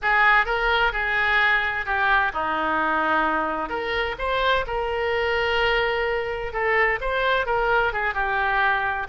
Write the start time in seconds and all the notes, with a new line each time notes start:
0.01 G#4
0.45 A#4
0.92 G#4
1.85 G4
2.33 D#4
3.69 A#4
4.18 C5
4.66 A#4
6.52 A4
7.00 C5
7.46 A#4
7.92 G#4
8.14 G4